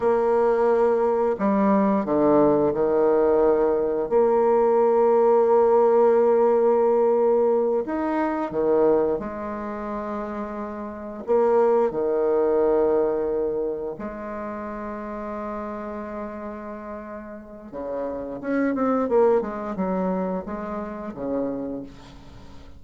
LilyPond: \new Staff \with { instrumentName = "bassoon" } { \time 4/4 \tempo 4 = 88 ais2 g4 d4 | dis2 ais2~ | ais2.~ ais8 dis'8~ | dis'8 dis4 gis2~ gis8~ |
gis8 ais4 dis2~ dis8~ | dis8 gis2.~ gis8~ | gis2 cis4 cis'8 c'8 | ais8 gis8 fis4 gis4 cis4 | }